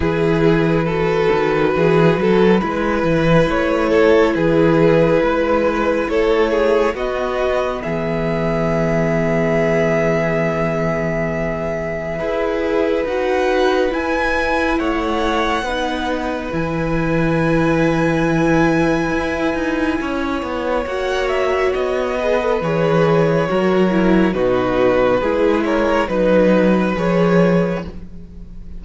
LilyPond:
<<
  \new Staff \with { instrumentName = "violin" } { \time 4/4 \tempo 4 = 69 b'1 | cis''4 b'2 cis''4 | dis''4 e''2.~ | e''2. fis''4 |
gis''4 fis''2 gis''4~ | gis''1 | fis''8 e''8 dis''4 cis''2 | b'4. cis''8 b'4 cis''4 | }
  \new Staff \with { instrumentName = "violin" } { \time 4/4 gis'4 a'4 gis'8 a'8 b'4~ | b'8 a'8 gis'4 b'4 a'8 gis'8 | fis'4 gis'2.~ | gis'2 b'2~ |
b'4 cis''4 b'2~ | b'2. cis''4~ | cis''4. b'4. ais'4 | fis'4 gis'8 ais'8 b'2 | }
  \new Staff \with { instrumentName = "viola" } { \time 4/4 e'4 fis'2 e'4~ | e'1 | b1~ | b2 gis'4 fis'4 |
e'2 dis'4 e'4~ | e'1 | fis'4. gis'16 a'16 gis'4 fis'8 e'8 | dis'4 e'4 dis'4 gis'4 | }
  \new Staff \with { instrumentName = "cello" } { \time 4/4 e4. dis8 e8 fis8 gis8 e8 | a4 e4 gis4 a4 | b4 e2.~ | e2 e'4 dis'4 |
e'4 a4 b4 e4~ | e2 e'8 dis'8 cis'8 b8 | ais4 b4 e4 fis4 | b,4 gis4 fis4 f4 | }
>>